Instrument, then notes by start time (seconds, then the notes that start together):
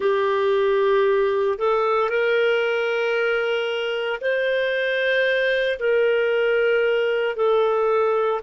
clarinet
0.00 G4
1.58 A4
2.09 A#4
4.21 C5
5.79 A#4
7.35 A4